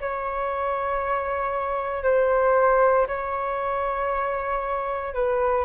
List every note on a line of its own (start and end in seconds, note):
0.00 2.03 C#5
2.03 3.07 C5
3.07 5.14 C#5
5.14 5.65 B4